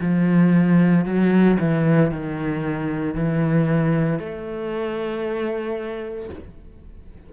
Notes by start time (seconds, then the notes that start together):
0.00 F3
1.05 F#3
1.59 E3
2.11 D#3
3.14 E3
4.19 A3